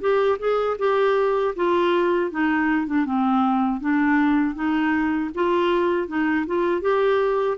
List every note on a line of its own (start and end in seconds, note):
0.00 0.38 G4
0.39 0.77 G#4
0.78 1.54 G4
1.55 2.31 F4
2.31 2.86 D#4
2.86 3.05 D4
3.05 3.80 C4
3.80 4.54 D4
4.54 5.30 D#4
5.34 6.08 F4
6.08 6.46 D#4
6.46 6.81 F4
6.81 7.57 G4